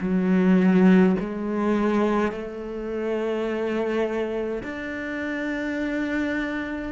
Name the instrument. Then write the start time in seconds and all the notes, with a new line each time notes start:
cello
0.00 F#3
1.19 G#3
2.31 A3
4.63 D4